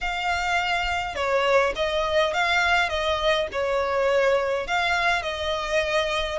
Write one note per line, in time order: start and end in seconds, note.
0.01 1.15 F5
1.15 1.73 C#5
1.75 2.33 D#5
2.33 2.89 F5
2.89 3.47 D#5
3.52 4.67 C#5
4.67 5.22 F5
5.22 6.38 D#5